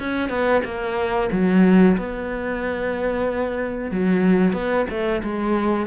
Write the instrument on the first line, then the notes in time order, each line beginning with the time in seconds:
cello
0.00 C#4
0.30 B3
0.65 A#3
1.33 F#3
1.98 B3
3.91 F#3
4.54 B3
4.90 A3
5.24 G#3